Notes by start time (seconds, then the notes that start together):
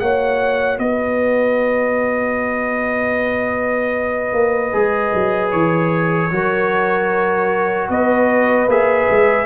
0.00 A#3 F#4 C#5 F#5
0.79 B3 B4 D#5
4.33 A#3
4.73 G#3 G#4
5.15 F#3
5.52 E3 C#5
6.32 F#3 F#4 A#4
7.90 B3 B4 D#5
8.68 A#3 G#4 E5
9.11 G#3